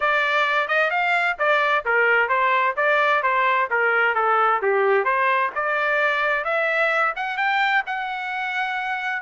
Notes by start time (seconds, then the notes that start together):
0.00 D5
0.68 D#5
0.90 F5
1.38 D5
1.85 A#4
2.28 C5
2.76 D5
3.22 C5
3.70 A#4
4.15 A4
4.62 G4
5.04 C5
5.55 D5
6.44 E5
7.16 F#5
7.37 G5
7.86 F#5